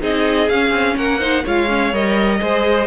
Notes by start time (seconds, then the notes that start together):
0.00 C4 D#4 G#4 D#5
0.49 C#4 F5
0.71 C4
0.97 A#3 A#4 F#5
1.19 D#4 C5
1.44 G#3 F4 C#5 F5
1.68 C#4
1.93 G3 A#4 D#5
2.40 G#3 G#4 C5